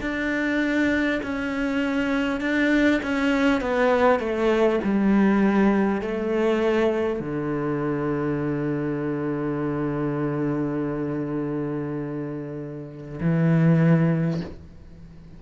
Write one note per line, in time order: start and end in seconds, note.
0.00 1.20 D4
1.23 2.40 C#4
2.40 3.00 D4
3.02 3.61 C#4
3.61 4.19 B3
4.19 4.79 A3
4.83 6.01 G3
6.01 7.19 A3
7.19 13.19 D3
13.20 14.40 E3